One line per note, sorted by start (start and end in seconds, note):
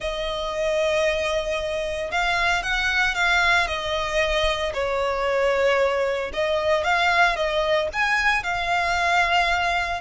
0.00 2.11 D#5
2.11 2.62 F5
2.62 3.15 F#5
3.15 3.67 F5
3.67 4.72 D#5
4.73 6.31 C#5
6.33 6.83 D#5
6.83 7.35 F5
7.35 7.88 D#5
7.93 8.43 G#5
8.43 10.00 F5